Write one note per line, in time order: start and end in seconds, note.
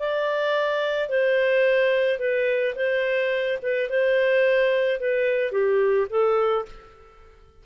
0.00 1.09 D5
1.09 2.19 C5
2.19 2.75 B4
2.76 3.59 C5
3.63 3.90 B4
3.90 5.00 C5
5.00 5.52 B4
5.52 6.08 G4
6.10 6.66 A4